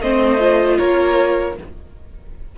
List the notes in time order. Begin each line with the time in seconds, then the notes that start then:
0.00 A3 C4 C5 D#5
0.39 F4
0.78 A#3 A#4 C#5